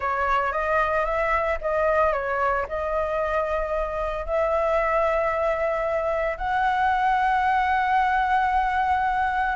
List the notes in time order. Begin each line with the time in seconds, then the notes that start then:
0.00 C#5
0.52 D#5
1.05 E5
1.61 D#5
2.12 C#5
2.68 D#5
4.25 E5
6.37 F#5